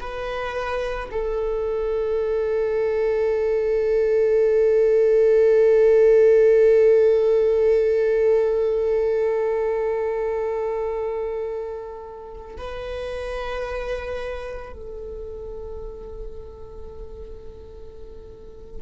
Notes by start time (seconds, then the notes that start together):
0.00 B4
1.11 A4
12.57 B4
14.73 A4